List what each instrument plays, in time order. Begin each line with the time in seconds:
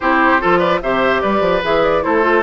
0.00 bassoon C4, clarinet E4, oboe G4, flute C5
0.40 bassoon F3, clarinet F4, oboe A4
0.59 oboe B4, flute D5
0.81 bassoon C3, clarinet G4, oboe C5, flute E5
1.21 bassoon G3, oboe B4, flute D5
1.40 bassoon F3
1.62 bassoon E3, clarinet G#4, flute E5
1.83 flute D5
2.02 bassoon A3, clarinet E4, oboe A4, flute C5
2.22 clarinet F4